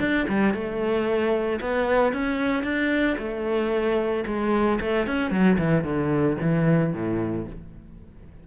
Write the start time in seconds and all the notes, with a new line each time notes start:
0.00 D4
0.28 G3
0.54 A3
1.60 B3
2.13 C#4
2.64 D4
3.18 A3
4.26 G#3
4.81 A3
5.07 C#4
5.31 F#3
5.58 E3
5.84 D3
6.41 E3
6.93 A2